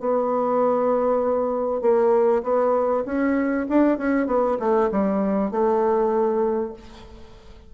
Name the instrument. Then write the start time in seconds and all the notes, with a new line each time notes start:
bassoon
0.00 B3
1.82 A#3
2.43 B3
3.06 C#4
3.70 D4
3.98 C#4
4.27 B3
4.60 A3
4.91 G3
5.52 A3